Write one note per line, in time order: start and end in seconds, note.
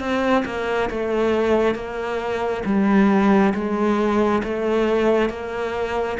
0.00 0.44 C4
0.45 0.89 A#3
0.90 1.75 A3
1.75 2.63 A#3
2.65 3.53 G3
3.54 4.42 G#3
4.44 5.30 A3
5.30 6.18 A#3